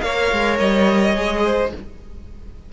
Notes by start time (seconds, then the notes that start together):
0.00 A#3 A#4 C#5 F5
0.32 G#3
0.59 G3 D#5
1.15 G#3 G#4
1.44 C5